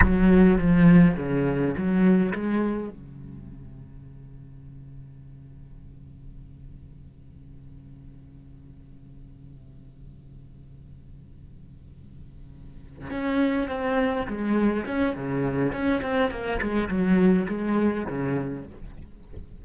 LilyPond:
\new Staff \with { instrumentName = "cello" } { \time 4/4 \tempo 4 = 103 fis4 f4 cis4 fis4 | gis4 cis2.~ | cis1~ | cis1~ |
cis1~ | cis2~ cis8 cis'4 c'8~ | c'8 gis4 cis'8 cis4 cis'8 c'8 | ais8 gis8 fis4 gis4 cis4 | }